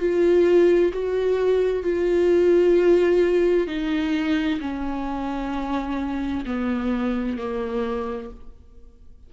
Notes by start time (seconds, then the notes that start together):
0.00 F4
0.93 F#4
1.84 F4
3.68 D#4
4.61 C#4
6.46 B3
7.38 A#3